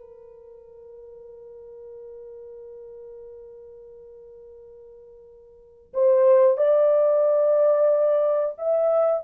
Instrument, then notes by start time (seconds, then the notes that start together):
horn
0.00 A#4
5.94 C5
6.58 D5
8.58 E5